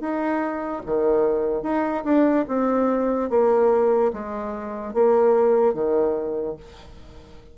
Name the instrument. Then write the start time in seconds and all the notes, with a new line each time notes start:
bassoon
0.00 D#4
0.86 D#3
1.63 D#4
2.04 D4
2.48 C4
3.30 A#3
4.13 G#3
4.94 A#3
5.74 D#3